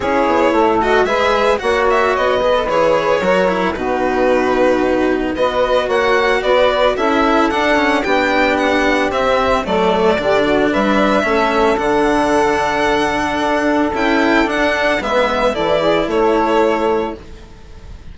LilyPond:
<<
  \new Staff \with { instrumentName = "violin" } { \time 4/4 \tempo 4 = 112 cis''4. dis''8 e''4 fis''8 e''8 | dis''4 cis''2 b'4~ | b'2 dis''4 fis''4 | d''4 e''4 fis''4 g''4 |
fis''4 e''4 d''2 | e''2 fis''2~ | fis''2 g''4 fis''4 | e''4 d''4 cis''2 | }
  \new Staff \with { instrumentName = "saxophone" } { \time 4/4 gis'4 a'4 b'4 cis''4~ | cis''8 b'4. ais'4 fis'4~ | fis'2 b'4 cis''4 | b'4 a'2 g'4~ |
g'2 a'4 g'8 fis'8 | b'4 a'2.~ | a'1 | b'4 a'8 gis'8 a'2 | }
  \new Staff \with { instrumentName = "cello" } { \time 4/4 e'4. fis'8 gis'4 fis'4~ | fis'8 gis'16 a'16 gis'4 fis'8 e'8 dis'4~ | dis'2 fis'2~ | fis'4 e'4 d'8 cis'8 d'4~ |
d'4 c'4 a4 d'4~ | d'4 cis'4 d'2~ | d'2 e'4 d'4 | b4 e'2. | }
  \new Staff \with { instrumentName = "bassoon" } { \time 4/4 cis'8 b8 a4 gis4 ais4 | b4 e4 fis4 b,4~ | b,2 b4 ais4 | b4 cis'4 d'4 b4~ |
b4 c'4 fis4 d4 | g4 a4 d2~ | d4 d'4 cis'4 d'4 | gis4 e4 a2 | }
>>